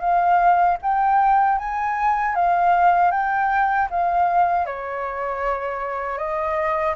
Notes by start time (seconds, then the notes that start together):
0.00 F5
0.82 G5
1.58 G#5
2.35 F5
3.11 G5
3.90 F5
4.66 C#5
6.18 D#5